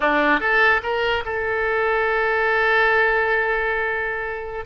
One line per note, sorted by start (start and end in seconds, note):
0.00 0.39 D4
0.39 0.81 A4
0.82 1.24 A#4
1.25 4.65 A4